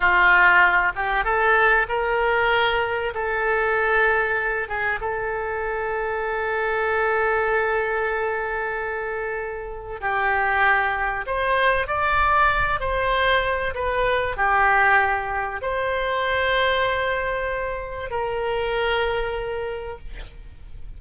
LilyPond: \new Staff \with { instrumentName = "oboe" } { \time 4/4 \tempo 4 = 96 f'4. g'8 a'4 ais'4~ | ais'4 a'2~ a'8 gis'8 | a'1~ | a'1 |
g'2 c''4 d''4~ | d''8 c''4. b'4 g'4~ | g'4 c''2.~ | c''4 ais'2. | }